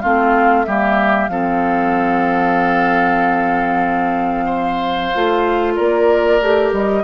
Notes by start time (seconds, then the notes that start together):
0.00 A3 C4 F4 F5
0.64 G3 A#3 G4 E5
1.28 F3 C4 A4 F5
4.45 C5
5.14 A3 F4
5.75 A#3 A#4 D5
6.41 A3 G4
6.72 G3 D#5